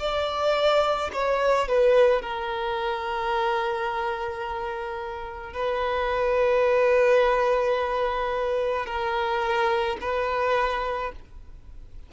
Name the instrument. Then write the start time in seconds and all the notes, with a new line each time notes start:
violin
0.00 D5
1.13 C#5
1.68 B4
2.22 A#4
5.53 B4
8.86 A#4
10.01 B4